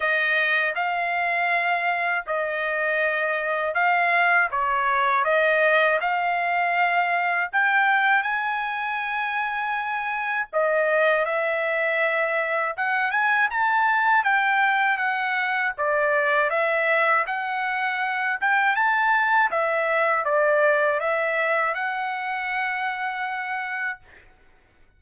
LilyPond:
\new Staff \with { instrumentName = "trumpet" } { \time 4/4 \tempo 4 = 80 dis''4 f''2 dis''4~ | dis''4 f''4 cis''4 dis''4 | f''2 g''4 gis''4~ | gis''2 dis''4 e''4~ |
e''4 fis''8 gis''8 a''4 g''4 | fis''4 d''4 e''4 fis''4~ | fis''8 g''8 a''4 e''4 d''4 | e''4 fis''2. | }